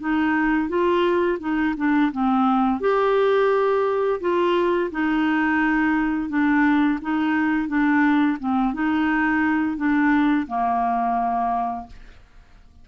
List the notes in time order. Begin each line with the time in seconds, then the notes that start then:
0.00 D#4
0.69 F4
1.40 D#4
1.77 D4
2.12 C4
2.80 G4
4.21 F4
4.91 D#4
6.29 D4
7.01 D#4
7.68 D4
8.40 C4
8.74 D#4
9.77 D4
10.47 A#3